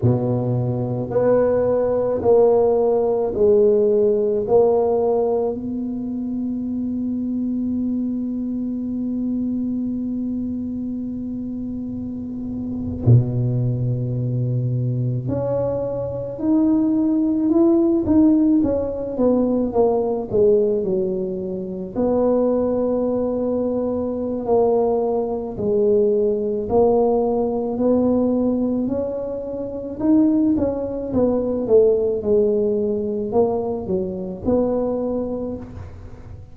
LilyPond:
\new Staff \with { instrumentName = "tuba" } { \time 4/4 \tempo 4 = 54 b,4 b4 ais4 gis4 | ais4 b2.~ | b2.~ b8. b,16~ | b,4.~ b,16 cis'4 dis'4 e'16~ |
e'16 dis'8 cis'8 b8 ais8 gis8 fis4 b16~ | b2 ais4 gis4 | ais4 b4 cis'4 dis'8 cis'8 | b8 a8 gis4 ais8 fis8 b4 | }